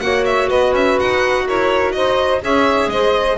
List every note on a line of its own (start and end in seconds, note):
0.00 0.49 A#3
0.00 2.41 F#4
0.00 0.48 C#5
0.00 0.24 F#5
0.25 0.49 E5
0.48 0.72 B3
0.48 1.44 B4
0.48 0.74 D#5
0.72 0.96 C#4
0.72 0.99 E5
0.99 1.48 D#4
0.99 1.47 F#5
1.46 1.94 E4
1.46 1.94 A#4
1.46 1.92 C#5
1.92 2.42 D#4
1.92 2.42 C5
1.92 2.40 D#5
2.41 2.87 C#4
2.41 3.37 G#4
2.41 2.90 C#5
2.41 2.89 E5
2.87 3.35 G#3
2.87 3.38 C5
2.87 3.37 D#5